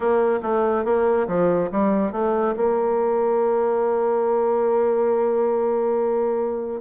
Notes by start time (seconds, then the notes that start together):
0.00 A#3
0.42 A3
0.84 A#3
1.27 F3
1.71 G3
2.12 A3
2.56 A#3